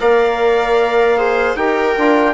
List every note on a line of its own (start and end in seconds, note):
0.00 1.56 A#3
0.00 1.17 A#4
0.00 1.18 D5
0.00 1.57 F5
1.18 1.56 G#4
1.18 1.57 C5
1.56 1.95 D#4
1.56 1.96 G4
1.56 2.34 A#4
1.56 2.34 G5
1.97 2.34 D4
1.97 2.34 F4